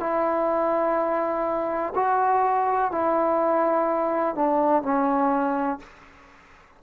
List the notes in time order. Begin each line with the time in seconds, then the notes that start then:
0.00 E4
1.95 F#4
2.92 E4
4.35 D4
4.83 C#4